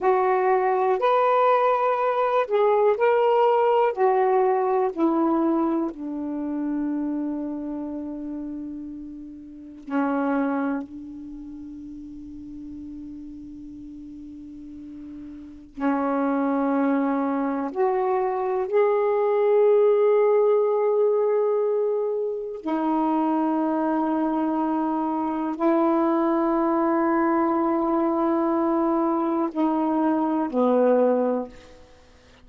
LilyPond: \new Staff \with { instrumentName = "saxophone" } { \time 4/4 \tempo 4 = 61 fis'4 b'4. gis'8 ais'4 | fis'4 e'4 d'2~ | d'2 cis'4 d'4~ | d'1 |
cis'2 fis'4 gis'4~ | gis'2. dis'4~ | dis'2 e'2~ | e'2 dis'4 b4 | }